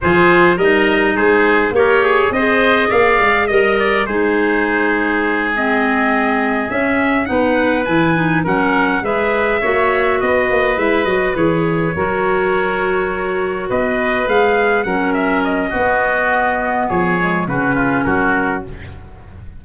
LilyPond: <<
  \new Staff \with { instrumentName = "trumpet" } { \time 4/4 \tempo 4 = 103 c''4 dis''4 c''4 ais'8 gis'8 | dis''4 f''4 dis''8 d''8 c''4~ | c''4. dis''2 e''8~ | e''8 fis''4 gis''4 fis''4 e''8~ |
e''4. dis''4 e''8 dis''8 cis''8~ | cis''2.~ cis''8 dis''8~ | dis''8 f''4 fis''8 e''8 dis''4.~ | dis''4 cis''4 b'4 ais'4 | }
  \new Staff \with { instrumentName = "oboe" } { \time 4/4 gis'4 ais'4 gis'4 cis''4 | c''4 d''4 dis''4 gis'4~ | gis'1~ | gis'8 b'2 ais'4 b'8~ |
b'8 cis''4 b'2~ b'8~ | b'8 ais'2. b'8~ | b'4. ais'4. fis'4~ | fis'4 gis'4 fis'8 f'8 fis'4 | }
  \new Staff \with { instrumentName = "clarinet" } { \time 4/4 f'4 dis'2 g'4 | gis'2 ais'4 dis'4~ | dis'4. c'2 cis'8~ | cis'8 dis'4 e'8 dis'8 cis'4 gis'8~ |
gis'8 fis'2 e'8 fis'8 gis'8~ | gis'8 fis'2.~ fis'8~ | fis'8 gis'4 cis'4. b4~ | b4. gis8 cis'2 | }
  \new Staff \with { instrumentName = "tuba" } { \time 4/4 f4 g4 gis4 ais4 | c'4 ais8 gis8 g4 gis4~ | gis2.~ gis8 cis'8~ | cis'8 b4 e4 fis4 gis8~ |
gis8 ais4 b8 ais8 gis8 fis8 e8~ | e8 fis2. b8~ | b8 gis4 fis4. b4~ | b4 f4 cis4 fis4 | }
>>